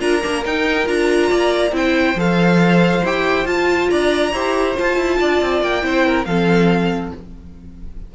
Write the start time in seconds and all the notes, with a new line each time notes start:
0.00 D4 F4 A#4 A#5
0.22 A#3 D4
0.46 D#4 G5
0.86 D4 F4 A#5
1.30 A#3 D5
1.72 C4 E4 C5 G5
2.16 F3 A4 F5
3.04 E4 G4 G5
3.46 F4 A5
3.90 D4 D5 A#5
4.33 E4 G4 C5
4.76 F4 A5
4.97 E4
5.20 D4 D5
5.41 C4
5.62 A#3 G5
5.82 C4 E4 C5
6.07 A#4
6.25 F3 C4 A4 F5